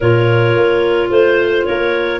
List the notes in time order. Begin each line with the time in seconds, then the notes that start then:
0.00 A#2 F4 A#4 C#5
0.55 A#3
1.10 A3 C5
1.65 A#3 A#4 C#5